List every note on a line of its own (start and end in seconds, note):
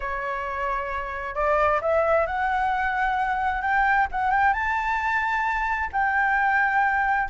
0.00 1.35 C#5
1.35 1.80 D5
1.81 2.26 E5
2.26 3.61 F#5
3.61 4.07 G5
4.11 4.30 F#5
4.30 4.53 G5
4.53 5.89 A5
5.92 7.28 G5